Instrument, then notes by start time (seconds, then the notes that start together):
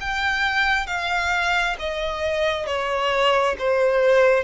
violin
0.00 G5
0.86 F5
1.79 D#5
2.66 C#5
3.58 C5